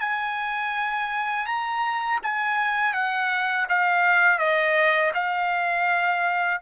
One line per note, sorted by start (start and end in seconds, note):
0.00 1.46 G#5
1.46 2.19 A#5
2.23 2.93 G#5
2.93 3.67 F#5
3.69 4.39 F5
4.39 5.12 D#5
5.14 6.61 F5